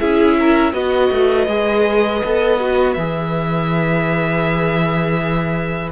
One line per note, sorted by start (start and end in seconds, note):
0.00 0.73 C#4
0.00 0.73 E4
0.00 0.38 G#4
0.00 0.73 E5
0.39 0.75 A#4
0.73 1.10 B3
0.73 1.47 F#4
0.73 5.92 B4
0.73 2.94 D#5
1.12 1.48 A3
1.48 2.22 G#3
1.48 2.23 G#4
2.26 2.97 B3
2.26 2.60 A4
2.60 2.97 F#4
2.94 5.92 E3
2.94 5.92 G#4
2.94 5.90 E5